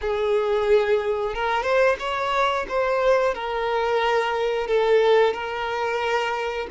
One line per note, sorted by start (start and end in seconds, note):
0.01 1.34 G#4
1.34 1.62 A#4
1.62 1.95 C5
1.99 2.65 C#5
2.68 3.34 C5
3.34 4.67 A#4
4.67 5.33 A4
5.33 6.67 A#4